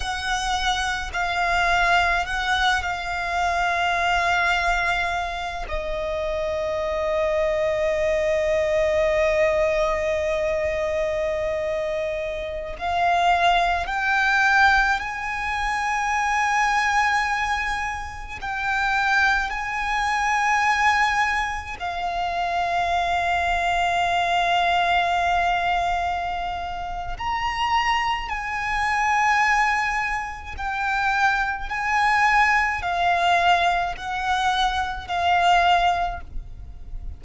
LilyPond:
\new Staff \with { instrumentName = "violin" } { \time 4/4 \tempo 4 = 53 fis''4 f''4 fis''8 f''4.~ | f''4 dis''2.~ | dis''2.~ dis''16 f''8.~ | f''16 g''4 gis''2~ gis''8.~ |
gis''16 g''4 gis''2 f''8.~ | f''1 | ais''4 gis''2 g''4 | gis''4 f''4 fis''4 f''4 | }